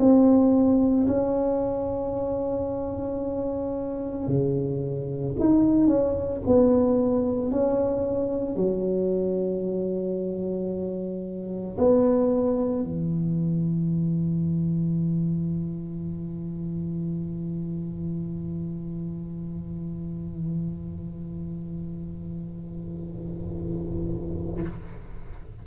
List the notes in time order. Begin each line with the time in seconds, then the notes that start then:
0.00 C4
1.08 C#4
4.28 C#3
5.40 D#4
5.87 C#4
6.47 B3
7.51 C#4
8.56 F#3
11.78 B3
12.84 E3